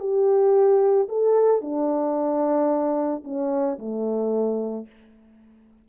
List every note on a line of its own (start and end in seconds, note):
0.00 1.08 G4
1.09 1.61 A4
1.61 3.24 D4
3.24 3.78 C#4
3.79 4.87 A3